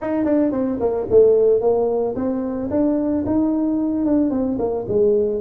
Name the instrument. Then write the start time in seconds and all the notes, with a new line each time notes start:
tuba
0.01 D#4
0.24 D4
0.51 C4
0.80 A#3
1.10 A3
1.61 A#3
2.15 C4
2.70 D4
3.26 D#4
4.05 D4
4.30 C4
4.58 A#3
4.88 G#3